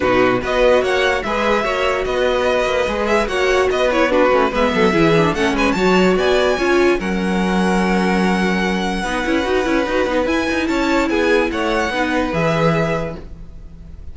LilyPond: <<
  \new Staff \with { instrumentName = "violin" } { \time 4/4 \tempo 4 = 146 b'4 dis''4 fis''4 e''4~ | e''4 dis''2~ dis''8 e''8 | fis''4 dis''8 cis''8 b'4 e''4~ | e''4 fis''8 gis''8 a''4 gis''4~ |
gis''4 fis''2.~ | fis''1~ | fis''4 gis''4 a''4 gis''4 | fis''2 e''2 | }
  \new Staff \with { instrumentName = "violin" } { \time 4/4 fis'4 b'4 cis''4 b'4 | cis''4 b'2. | cis''4 b'4 fis'4 b'8 a'8 | gis'4 a'8 b'8 cis''4 d''4 |
cis''4 ais'2.~ | ais'2 b'2~ | b'2 cis''4 gis'4 | cis''4 b'2. | }
  \new Staff \with { instrumentName = "viola" } { \time 4/4 dis'4 fis'2 gis'4 | fis'2. gis'4 | fis'4. e'8 d'8 cis'8 b4 | e'8 d'8 cis'4 fis'2 |
f'4 cis'2.~ | cis'2 dis'8 e'8 fis'8 e'8 | fis'8 dis'8 e'2.~ | e'4 dis'4 gis'2 | }
  \new Staff \with { instrumentName = "cello" } { \time 4/4 b,4 b4 ais4 gis4 | ais4 b4. ais8 gis4 | ais4 b4. a8 gis8 fis8 | e4 a8 gis8 fis4 b4 |
cis'4 fis2.~ | fis2 b8 cis'8 dis'8 cis'8 | dis'8 b8 e'8 dis'8 cis'4 b4 | a4 b4 e2 | }
>>